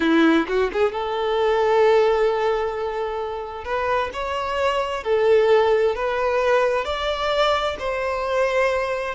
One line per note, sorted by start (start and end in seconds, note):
0.00 0.46 E4
0.47 0.70 F#4
0.72 0.92 G#4
0.92 3.64 A4
3.64 4.10 B4
4.13 5.03 C#5
5.03 5.95 A4
5.95 6.85 B4
6.85 7.76 D5
7.79 9.14 C5